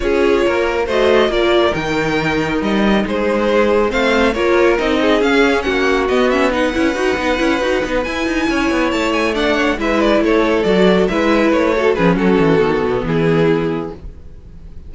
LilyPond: <<
  \new Staff \with { instrumentName = "violin" } { \time 4/4 \tempo 4 = 138 cis''2 dis''4 d''4 | g''2 dis''4 c''4~ | c''4 f''4 cis''4 dis''4 | f''4 fis''4 dis''8 e''8 fis''4~ |
fis''2~ fis''8 gis''4.~ | gis''8 a''8 gis''8 fis''4 e''8 d''8 cis''8~ | cis''8 d''4 e''4 cis''4 b'8 | a'2 gis'2 | }
  \new Staff \with { instrumentName = "violin" } { \time 4/4 gis'4 ais'4 c''4 ais'4~ | ais'2. gis'4~ | gis'4 c''4 ais'4. gis'8~ | gis'4 fis'2 b'4~ |
b'2.~ b'8 cis''8~ | cis''4. d''8 cis''8 b'4 a'8~ | a'4. b'4. a'8 gis'8 | fis'2 e'2 | }
  \new Staff \with { instrumentName = "viola" } { \time 4/4 f'2 fis'4 f'4 | dis'1~ | dis'4 c'4 f'4 dis'4 | cis'2 b8 cis'8 dis'8 e'8 |
fis'8 dis'8 e'8 fis'8 dis'8 e'4.~ | e'4. d'4 e'4.~ | e'8 fis'4 e'4. fis'8 cis'8~ | cis'4 b2. | }
  \new Staff \with { instrumentName = "cello" } { \time 4/4 cis'4 ais4 a4 ais4 | dis2 g4 gis4~ | gis4 a4 ais4 c'4 | cis'4 ais4 b4. cis'8 |
dis'8 b8 cis'8 dis'8 b8 e'8 dis'8 cis'8 | b8 a2 gis4 a8~ | a8 fis4 gis4 a4 f8 | fis8 e8 dis8 b,8 e2 | }
>>